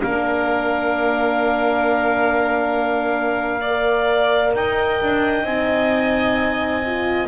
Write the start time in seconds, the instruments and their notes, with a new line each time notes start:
0.00 double bass A#3, horn D4, violin A#4, clarinet F5
3.61 violin D5
3.67 horn A#4
4.55 double bass D#4, violin D#5, clarinet G5
5.02 double bass D4
5.44 double bass C4, horn D#4, clarinet G#5
6.86 horn F4